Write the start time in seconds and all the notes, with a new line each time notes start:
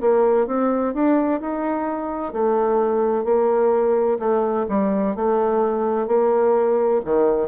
0.00 A#3
0.46 C4
0.93 D4
1.40 D#4
2.32 A3
3.24 A#3
4.19 A3
4.68 G3
5.15 A3
6.07 A#3
7.05 D#3